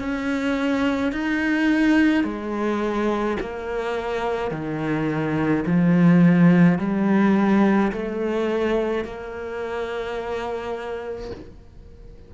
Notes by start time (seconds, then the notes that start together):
0.00 C#4
1.13 D#4
2.24 G#3
3.41 A#3
4.52 D#3
5.67 F3
6.79 G3
7.93 A3
9.05 A#3